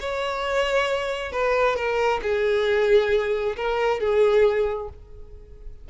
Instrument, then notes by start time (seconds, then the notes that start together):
violin
0.00 C#5
1.32 B4
1.76 A#4
2.23 G#4
3.56 A#4
4.00 G#4